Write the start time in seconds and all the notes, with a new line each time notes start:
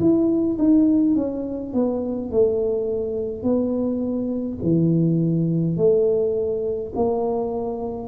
0.00 E4
0.58 D#4
1.16 C#4
1.74 B3
2.31 A3
3.44 B3
4.63 E3
5.77 A3
6.96 A#3